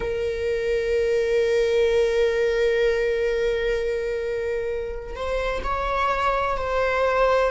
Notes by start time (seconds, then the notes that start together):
0.00 A#4
5.15 C5
5.63 C#5
6.57 C5